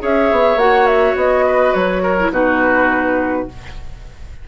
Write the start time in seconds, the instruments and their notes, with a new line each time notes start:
0.00 bassoon C#4, clarinet G#4, oboe C#5, flute E5
0.32 bassoon B3
0.56 bassoon A#3, clarinet F#4, flute F#5
0.87 flute E5
1.16 bassoon B3, flute D#5
1.47 oboe B4
1.74 bassoon F#3, flute C#5
2.03 oboe A#4
2.20 clarinet E4
2.31 bassoon B2, clarinet D#4, oboe F#4, flute B4